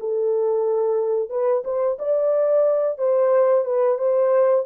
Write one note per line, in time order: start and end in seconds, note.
0.00 1.29 A4
1.29 1.63 B4
1.64 1.97 C5
1.98 2.98 D5
2.98 3.65 C5
3.65 3.98 B4
3.98 4.65 C5